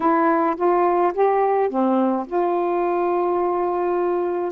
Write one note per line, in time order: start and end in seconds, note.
0.00 0.55 E4
0.56 1.12 F4
1.13 1.69 G4
1.69 2.26 C4
2.26 4.52 F4